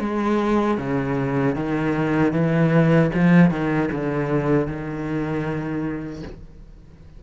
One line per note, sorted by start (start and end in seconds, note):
0.00 0.78 G#3
0.78 1.56 C#3
1.56 2.33 D#3
2.33 3.11 E3
3.15 3.51 F3
3.51 3.90 D#3
3.92 4.68 D3
4.68 6.23 D#3